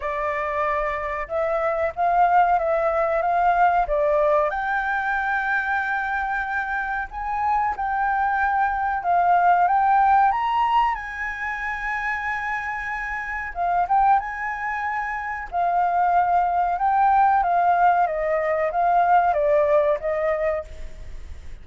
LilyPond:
\new Staff \with { instrumentName = "flute" } { \time 4/4 \tempo 4 = 93 d''2 e''4 f''4 | e''4 f''4 d''4 g''4~ | g''2. gis''4 | g''2 f''4 g''4 |
ais''4 gis''2.~ | gis''4 f''8 g''8 gis''2 | f''2 g''4 f''4 | dis''4 f''4 d''4 dis''4 | }